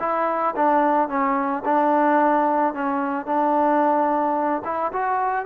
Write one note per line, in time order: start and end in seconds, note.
0.00 0.55 E4
0.56 1.09 D4
1.09 1.63 C#4
1.65 2.74 D4
2.74 3.26 C#4
3.26 4.62 D4
4.65 4.92 E4
4.93 5.46 F#4